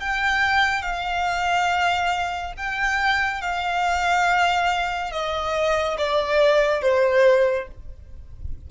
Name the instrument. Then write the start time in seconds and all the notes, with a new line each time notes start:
violin
0.00 G5
0.83 F5
2.57 G5
3.42 F5
5.12 D#5
5.98 D5
6.82 C5